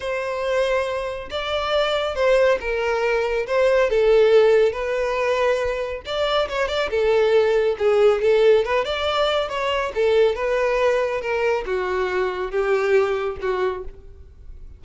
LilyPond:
\new Staff \with { instrumentName = "violin" } { \time 4/4 \tempo 4 = 139 c''2. d''4~ | d''4 c''4 ais'2 | c''4 a'2 b'4~ | b'2 d''4 cis''8 d''8 |
a'2 gis'4 a'4 | b'8 d''4. cis''4 a'4 | b'2 ais'4 fis'4~ | fis'4 g'2 fis'4 | }